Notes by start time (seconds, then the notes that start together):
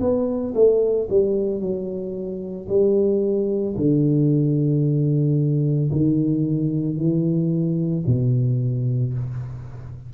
0.00 B3
0.54 A3
1.09 G3
1.60 F#3
2.68 G3
3.76 D3
5.92 D#3
6.96 E3
8.06 B2